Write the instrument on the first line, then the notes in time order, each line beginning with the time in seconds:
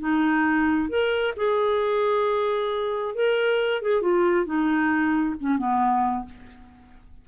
clarinet
0.00 D#4
0.90 A#4
1.37 G#4
3.15 A#4
3.82 G#4
4.02 F4
4.46 D#4
5.41 C#4
5.58 B3